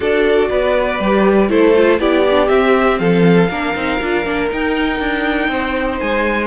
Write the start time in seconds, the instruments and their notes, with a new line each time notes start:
0.00 cello D4, viola F#4, violin A4 D5
0.49 cello B3, violin B4
0.99 cello G3, viola G4
1.49 cello A3, viola E4, violin A4 C5
1.76 viola F4
1.99 cello B3, viola E4, violin G4 D5
2.30 viola D4
2.47 viola C4, cello C4, violin E5
2.98 cello F3, violin A4 F5
3.49 cello A#3, viola D4, violin A#4
3.75 cello C4, viola D#4
4.00 cello D4, viola F4
4.24 cello A#3, viola D4
4.49 viola D#4, cello D#4, violin G5
4.99 cello D4
5.48 cello C4, violin C5
5.99 cello G#3, violin G#5